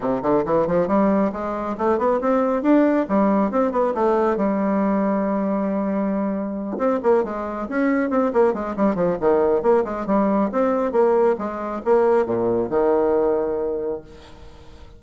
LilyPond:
\new Staff \with { instrumentName = "bassoon" } { \time 4/4 \tempo 4 = 137 c8 d8 e8 f8 g4 gis4 | a8 b8 c'4 d'4 g4 | c'8 b8 a4 g2~ | g2.~ g8 c'8 |
ais8 gis4 cis'4 c'8 ais8 gis8 | g8 f8 dis4 ais8 gis8 g4 | c'4 ais4 gis4 ais4 | ais,4 dis2. | }